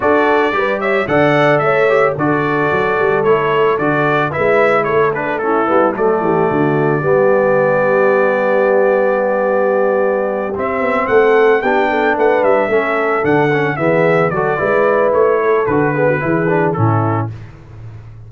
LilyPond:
<<
  \new Staff \with { instrumentName = "trumpet" } { \time 4/4 \tempo 4 = 111 d''4. e''8 fis''4 e''4 | d''2 cis''4 d''4 | e''4 cis''8 b'8 a'4 d''4~ | d''1~ |
d''2.~ d''8 e''8~ | e''8 fis''4 g''4 fis''8 e''4~ | e''8 fis''4 e''4 d''4. | cis''4 b'2 a'4 | }
  \new Staff \with { instrumentName = "horn" } { \time 4/4 a'4 b'8 cis''8 d''4 cis''4 | a'1 | b'4 a'4 e'4 a'8 g'8 | fis'4 g'2.~ |
g'1~ | g'8 a'4 g'8 a'8 b'4 a'8~ | a'4. gis'4 a'8 b'4~ | b'8 a'4 gis'16 fis'16 gis'4 e'4 | }
  \new Staff \with { instrumentName = "trombone" } { \time 4/4 fis'4 g'4 a'4. g'8 | fis'2 e'4 fis'4 | e'4. d'8 cis'8 b8 a4~ | a4 b2.~ |
b2.~ b8 c'8~ | c'4. d'2 cis'8~ | cis'8 d'8 cis'8 b4 fis'8 e'4~ | e'4 fis'8 b8 e'8 d'8 cis'4 | }
  \new Staff \with { instrumentName = "tuba" } { \time 4/4 d'4 g4 d4 a4 | d4 fis8 g8 a4 d4 | gis4 a4. g8 fis8 e8 | d4 g2.~ |
g2.~ g8 c'8 | b8 a4 b4 a8 g8 a8~ | a8 d4 e4 fis8 gis4 | a4 d4 e4 a,4 | }
>>